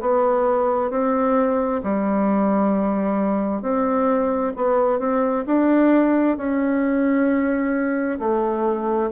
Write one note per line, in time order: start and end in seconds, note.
0.00 0.90 B3
0.90 1.81 C4
1.83 3.62 G3
3.62 4.52 C4
4.56 4.99 B3
4.99 5.44 C4
5.46 6.37 D4
6.37 8.19 C#4
8.19 9.10 A3